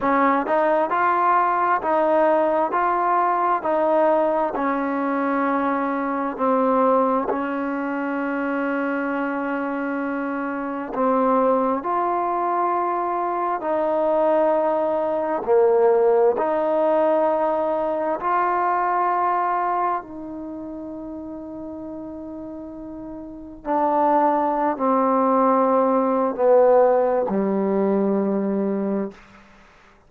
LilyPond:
\new Staff \with { instrumentName = "trombone" } { \time 4/4 \tempo 4 = 66 cis'8 dis'8 f'4 dis'4 f'4 | dis'4 cis'2 c'4 | cis'1 | c'4 f'2 dis'4~ |
dis'4 ais4 dis'2 | f'2 dis'2~ | dis'2 d'4~ d'16 c'8.~ | c'4 b4 g2 | }